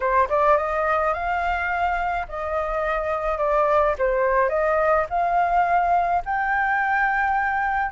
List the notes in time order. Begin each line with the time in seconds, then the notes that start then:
0.00 C5
0.29 D5
0.57 D#5
1.13 F5
2.28 D#5
3.38 D5
3.98 C5
4.49 D#5
5.09 F5
6.25 G5